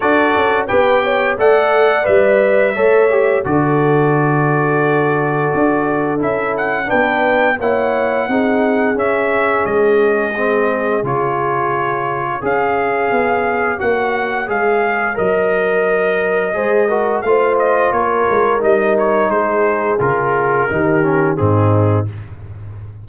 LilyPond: <<
  \new Staff \with { instrumentName = "trumpet" } { \time 4/4 \tempo 4 = 87 d''4 g''4 fis''4 e''4~ | e''4 d''2.~ | d''4 e''8 fis''8 g''4 fis''4~ | fis''4 e''4 dis''2 |
cis''2 f''2 | fis''4 f''4 dis''2~ | dis''4 f''8 dis''8 cis''4 dis''8 cis''8 | c''4 ais'2 gis'4 | }
  \new Staff \with { instrumentName = "horn" } { \time 4/4 a'4 b'8 cis''8 d''2 | cis''4 a'2.~ | a'2 b'4 cis''4 | gis'1~ |
gis'2 cis''2~ | cis''1 | c''8 ais'8 c''4 ais'2 | gis'2 g'4 dis'4 | }
  \new Staff \with { instrumentName = "trombone" } { \time 4/4 fis'4 g'4 a'4 b'4 | a'8 g'8 fis'2.~ | fis'4 e'4 d'4 e'4 | dis'4 cis'2 c'4 |
f'2 gis'2 | fis'4 gis'4 ais'2 | gis'8 fis'8 f'2 dis'4~ | dis'4 f'4 dis'8 cis'8 c'4 | }
  \new Staff \with { instrumentName = "tuba" } { \time 4/4 d'8 cis'8 b4 a4 g4 | a4 d2. | d'4 cis'4 b4 ais4 | c'4 cis'4 gis2 |
cis2 cis'4 b4 | ais4 gis4 fis2 | gis4 a4 ais8 gis8 g4 | gis4 cis4 dis4 gis,4 | }
>>